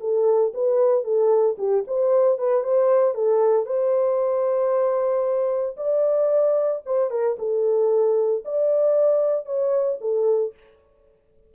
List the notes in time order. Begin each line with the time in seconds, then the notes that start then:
0.00 A4
0.54 B4
1.04 A4
1.58 G4
1.87 C5
2.39 B4
2.64 C5
3.14 A4
3.66 C5
5.77 D5
6.86 C5
7.11 A#4
7.39 A4
8.45 D5
9.46 C#5
10.01 A4